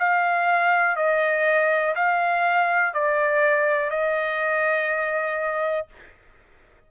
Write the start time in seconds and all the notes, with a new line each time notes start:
0.00 F5
0.97 D#5
1.96 F5
2.94 D5
3.90 D#5